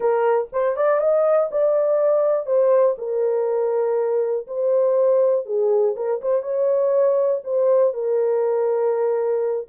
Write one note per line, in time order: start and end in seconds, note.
0.00 0.48 A#4
0.52 0.76 C5
0.76 1.00 D5
1.00 1.49 D#5
1.51 2.46 D5
2.46 2.95 C5
2.98 4.46 A#4
4.47 5.45 C5
5.45 5.95 G#4
5.96 6.21 A#4
6.21 6.42 C5
6.42 7.41 C#5
7.44 7.93 C5
7.93 9.67 A#4